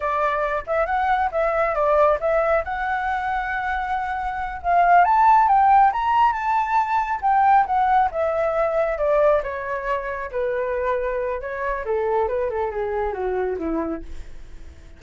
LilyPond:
\new Staff \with { instrumentName = "flute" } { \time 4/4 \tempo 4 = 137 d''4. e''8 fis''4 e''4 | d''4 e''4 fis''2~ | fis''2~ fis''8 f''4 a''8~ | a''8 g''4 ais''4 a''4.~ |
a''8 g''4 fis''4 e''4.~ | e''8 d''4 cis''2 b'8~ | b'2 cis''4 a'4 | b'8 a'8 gis'4 fis'4 e'4 | }